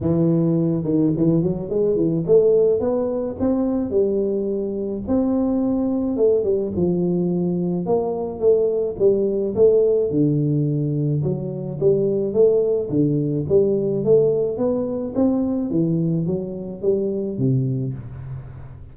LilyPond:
\new Staff \with { instrumentName = "tuba" } { \time 4/4 \tempo 4 = 107 e4. dis8 e8 fis8 gis8 e8 | a4 b4 c'4 g4~ | g4 c'2 a8 g8 | f2 ais4 a4 |
g4 a4 d2 | fis4 g4 a4 d4 | g4 a4 b4 c'4 | e4 fis4 g4 c4 | }